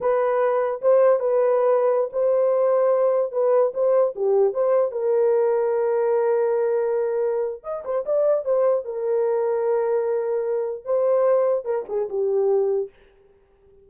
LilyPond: \new Staff \with { instrumentName = "horn" } { \time 4/4 \tempo 4 = 149 b'2 c''4 b'4~ | b'4~ b'16 c''2~ c''8.~ | c''16 b'4 c''4 g'4 c''8.~ | c''16 ais'2.~ ais'8.~ |
ais'2. dis''8 c''8 | d''4 c''4 ais'2~ | ais'2. c''4~ | c''4 ais'8 gis'8 g'2 | }